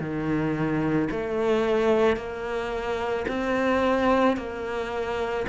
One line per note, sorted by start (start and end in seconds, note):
0.00 1.09 D#3
1.11 2.17 A3
2.17 3.26 A#3
3.28 4.37 C4
4.37 5.46 A#3